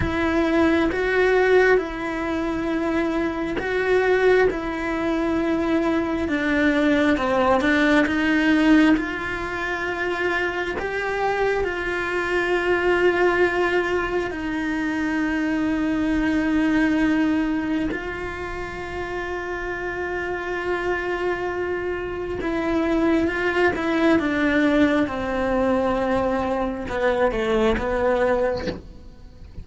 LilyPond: \new Staff \with { instrumentName = "cello" } { \time 4/4 \tempo 4 = 67 e'4 fis'4 e'2 | fis'4 e'2 d'4 | c'8 d'8 dis'4 f'2 | g'4 f'2. |
dis'1 | f'1~ | f'4 e'4 f'8 e'8 d'4 | c'2 b8 a8 b4 | }